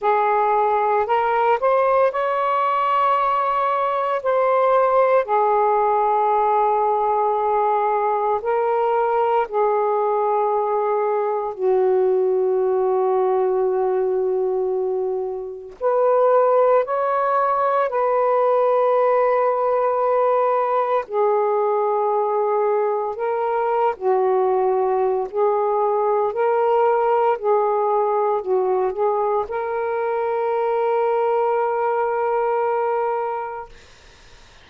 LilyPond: \new Staff \with { instrumentName = "saxophone" } { \time 4/4 \tempo 4 = 57 gis'4 ais'8 c''8 cis''2 | c''4 gis'2. | ais'4 gis'2 fis'4~ | fis'2. b'4 |
cis''4 b'2. | gis'2 ais'8. fis'4~ fis'16 | gis'4 ais'4 gis'4 fis'8 gis'8 | ais'1 | }